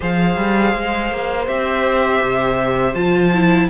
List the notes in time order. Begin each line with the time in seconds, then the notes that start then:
0.00 F3 G#4 C5 F5
0.37 G3
0.74 G#3
1.11 A#3
1.47 C4 G4 E5
2.22 C3
2.94 F3 F4 A5
3.33 E4